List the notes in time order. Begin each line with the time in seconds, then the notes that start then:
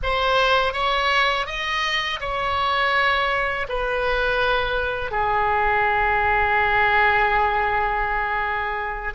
0.02 C5
0.73 C#5
1.46 D#5
2.20 C#5
3.68 B4
5.11 G#4